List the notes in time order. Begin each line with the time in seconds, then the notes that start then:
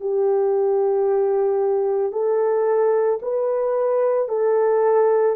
0.00 G4
2.12 A4
3.22 B4
4.28 A4